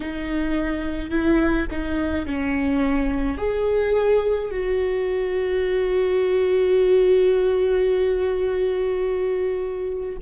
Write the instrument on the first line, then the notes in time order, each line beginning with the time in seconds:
viola
0.00 D#4
1.10 E4
1.70 D#4
2.26 C#4
3.37 G#4
4.50 F#4